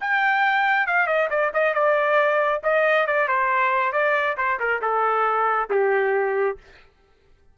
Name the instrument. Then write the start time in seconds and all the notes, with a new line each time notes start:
trumpet
0.00 G5
0.86 F5
1.07 D#5
1.30 D5
1.53 D#5
1.74 D5
2.63 D#5
3.07 D5
3.28 C5
3.92 D5
4.37 C5
4.59 A#4
4.81 A4
5.70 G4